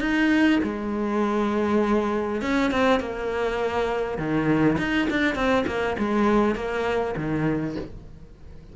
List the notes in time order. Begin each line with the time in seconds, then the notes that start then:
0.00 D#4
0.63 G#3
2.41 C#4
2.71 C4
3.00 A#3
4.18 D#3
4.78 D#4
5.10 D4
5.35 C4
5.67 A#3
5.98 G#3
6.55 A#3
7.16 D#3